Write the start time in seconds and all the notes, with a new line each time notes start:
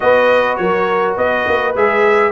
0.00 B3 F#4 B4 D#5
0.56 F#3 A#4 C#5
1.16 B3 B4 D#5
1.47 A#3
1.76 G#3 G#4 E5